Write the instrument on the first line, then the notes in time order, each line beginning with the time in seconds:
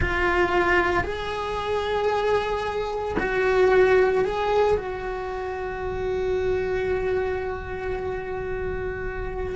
cello
0.00 F4
1.03 G#4
3.19 F#4
4.24 G#4
4.77 F#4